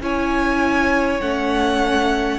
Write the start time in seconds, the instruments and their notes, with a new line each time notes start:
0.00 cello C#4, viola E4, violin C#5 G#5
1.21 cello A3, viola C#4, violin F#5